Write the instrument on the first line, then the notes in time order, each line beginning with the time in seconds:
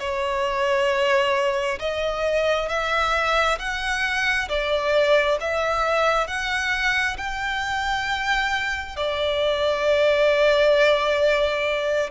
violin
0.00 C#5
1.80 D#5
2.69 E5
3.59 F#5
4.49 D5
5.41 E5
6.28 F#5
7.18 G5
8.97 D5